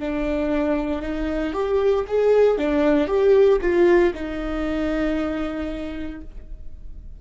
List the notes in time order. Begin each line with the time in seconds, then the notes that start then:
0.00 D4
1.02 D#4
1.54 G4
2.08 G#4
2.58 D4
3.08 G4
3.62 F4
4.15 D#4